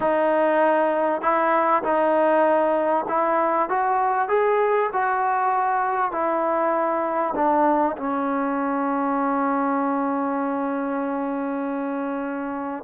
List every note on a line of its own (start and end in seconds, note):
0.00 1.21 D#4
1.21 1.82 E4
1.83 3.05 D#4
3.08 3.69 E4
3.69 4.28 F#4
4.28 4.90 G#4
4.92 6.11 F#4
6.11 7.34 E4
7.35 7.96 D4
7.97 12.83 C#4